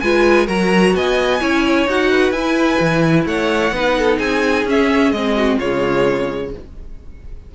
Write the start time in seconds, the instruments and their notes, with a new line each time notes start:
0.00 cello G#3, viola F4, violin B4 G#5
0.46 cello F#3, viola F#4, violin A#4 A#5
0.94 cello B3, violin D#5 G#5
1.40 cello C#4, viola E4, violin C#5
1.87 cello D#4, viola F#4, violin F#5
2.10 violin B4
2.31 cello E4, viola E4, violin G#5
2.80 cello E3
3.25 cello A3, violin C#5 F#5
3.72 cello B3, viola D#4, violin B4
3.98 violin A4
4.18 cello C4, violin G#4 G#5
4.64 cello C#4, viola C#4, violin E5
5.11 cello G#3, viola C4, violin D#5
5.36 violin F#4
5.57 cello C#3, viola G#3, violin F4 C#5